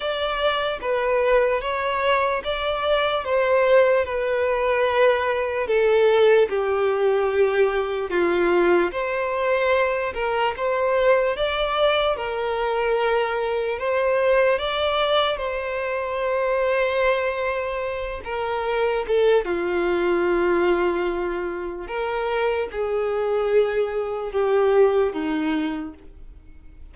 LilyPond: \new Staff \with { instrumentName = "violin" } { \time 4/4 \tempo 4 = 74 d''4 b'4 cis''4 d''4 | c''4 b'2 a'4 | g'2 f'4 c''4~ | c''8 ais'8 c''4 d''4 ais'4~ |
ais'4 c''4 d''4 c''4~ | c''2~ c''8 ais'4 a'8 | f'2. ais'4 | gis'2 g'4 dis'4 | }